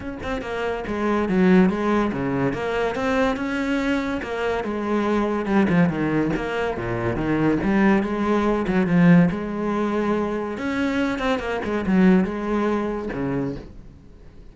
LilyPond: \new Staff \with { instrumentName = "cello" } { \time 4/4 \tempo 4 = 142 cis'8 c'8 ais4 gis4 fis4 | gis4 cis4 ais4 c'4 | cis'2 ais4 gis4~ | gis4 g8 f8 dis4 ais4 |
ais,4 dis4 g4 gis4~ | gis8 fis8 f4 gis2~ | gis4 cis'4. c'8 ais8 gis8 | fis4 gis2 cis4 | }